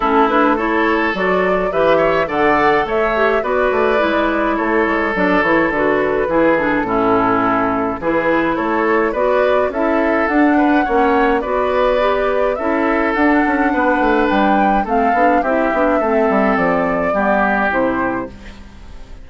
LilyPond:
<<
  \new Staff \with { instrumentName = "flute" } { \time 4/4 \tempo 4 = 105 a'8 b'8 cis''4 d''4 e''4 | fis''4 e''4 d''2 | cis''4 d''8 cis''8 b'4. a'8~ | a'2 b'4 cis''4 |
d''4 e''4 fis''2 | d''2 e''4 fis''4~ | fis''4 g''4 f''4 e''4~ | e''4 d''2 c''4 | }
  \new Staff \with { instrumentName = "oboe" } { \time 4/4 e'4 a'2 b'8 cis''8 | d''4 cis''4 b'2 | a'2. gis'4 | e'2 gis'4 a'4 |
b'4 a'4. b'8 cis''4 | b'2 a'2 | b'2 a'4 g'4 | a'2 g'2 | }
  \new Staff \with { instrumentName = "clarinet" } { \time 4/4 cis'8 d'8 e'4 fis'4 g'4 | a'4. g'8 fis'4 e'4~ | e'4 d'8 e'8 fis'4 e'8 d'8 | cis'2 e'2 |
fis'4 e'4 d'4 cis'4 | fis'4 g'4 e'4 d'4~ | d'2 c'8 d'8 e'8 d'8 | c'2 b4 e'4 | }
  \new Staff \with { instrumentName = "bassoon" } { \time 4/4 a2 fis4 e4 | d4 a4 b8 a8 gis4 | a8 gis8 fis8 e8 d4 e4 | a,2 e4 a4 |
b4 cis'4 d'4 ais4 | b2 cis'4 d'8 cis'8 | b8 a8 g4 a8 b8 c'8 b8 | a8 g8 f4 g4 c4 | }
>>